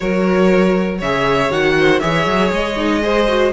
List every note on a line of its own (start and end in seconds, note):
0.00 1.01 F#3
0.00 1.01 F#4
0.00 0.98 A#4
0.00 0.99 C#5
0.98 1.50 C#3
0.98 1.50 G#4
0.98 1.73 C#5
0.98 1.51 E5
1.50 2.00 D#3
1.50 2.01 F#4
1.50 1.99 F#5
1.78 2.01 C5
1.99 2.26 E3
1.99 2.76 G#4
1.99 3.01 C#5
1.99 2.49 E5
2.26 2.51 F#3
2.52 3.52 G#3
2.52 3.52 D#5
2.76 3.01 D#4
3.02 3.27 G#4
3.02 3.52 C5
3.27 3.52 F#4